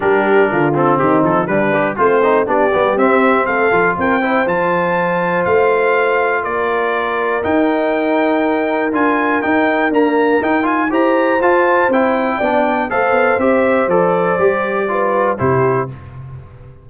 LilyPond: <<
  \new Staff \with { instrumentName = "trumpet" } { \time 4/4 \tempo 4 = 121 ais'4. a'8 g'8 a'8 b'4 | c''4 d''4 e''4 f''4 | g''4 a''2 f''4~ | f''4 d''2 g''4~ |
g''2 gis''4 g''4 | ais''4 g''8 gis''8 ais''4 a''4 | g''2 f''4 e''4 | d''2. c''4 | }
  \new Staff \with { instrumentName = "horn" } { \time 4/4 g'4 f'4 dis'4 d'4 | c'4 g'2 a'4 | ais'8 c''2.~ c''8~ | c''4 ais'2.~ |
ais'1~ | ais'2 c''2~ | c''4 d''4 c''2~ | c''2 b'4 g'4 | }
  \new Staff \with { instrumentName = "trombone" } { \time 4/4 d'4. c'4. g8 g'8 | f'8 dis'8 d'8 b8 c'4. f'8~ | f'8 e'8 f'2.~ | f'2. dis'4~ |
dis'2 f'4 dis'4 | ais4 dis'8 f'8 g'4 f'4 | e'4 d'4 a'4 g'4 | a'4 g'4 f'4 e'4 | }
  \new Staff \with { instrumentName = "tuba" } { \time 4/4 g4 d4 dis8 f8 g4 | a4 b8 g8 c'4 a8 f8 | c'4 f2 a4~ | a4 ais2 dis'4~ |
dis'2 d'4 dis'4 | d'4 dis'4 e'4 f'4 | c'4 b4 a8 b8 c'4 | f4 g2 c4 | }
>>